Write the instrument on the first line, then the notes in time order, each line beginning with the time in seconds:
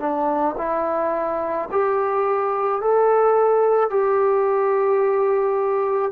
trombone
0.00 D4
0.58 E4
1.71 G4
2.82 A4
3.90 G4